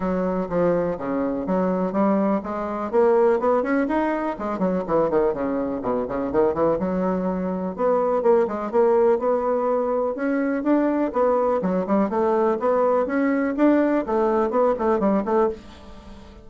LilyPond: \new Staff \with { instrumentName = "bassoon" } { \time 4/4 \tempo 4 = 124 fis4 f4 cis4 fis4 | g4 gis4 ais4 b8 cis'8 | dis'4 gis8 fis8 e8 dis8 cis4 | b,8 cis8 dis8 e8 fis2 |
b4 ais8 gis8 ais4 b4~ | b4 cis'4 d'4 b4 | fis8 g8 a4 b4 cis'4 | d'4 a4 b8 a8 g8 a8 | }